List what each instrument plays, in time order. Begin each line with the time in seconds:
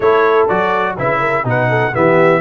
0.00 tuba A3, trombone E4, horn A4, trumpet C#5
0.48 tuba F#3, trombone F#4, trumpet D5
0.98 tuba C#3, trombone E4, horn B4, trumpet E5
1.20 horn A#4
1.44 tuba B2, trombone D#4, horn B4, trumpet F#5
1.69 horn A4
1.93 tuba E3, trombone B3, horn G4, trumpet E5